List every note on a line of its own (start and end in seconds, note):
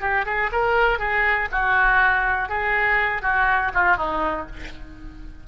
0.00 0.25 G4
0.25 0.50 G#4
0.52 0.99 A#4
0.99 1.48 G#4
1.51 2.48 F#4
2.48 3.22 G#4
3.22 3.71 F#4
3.74 3.96 F4
3.96 4.46 D#4